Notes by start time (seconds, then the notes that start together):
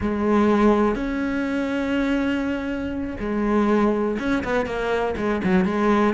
0.00 G#3
0.95 C#4
3.19 G#3
4.19 C#4
4.44 B3
4.66 A#3
5.16 G#3
5.43 F#3
5.64 G#3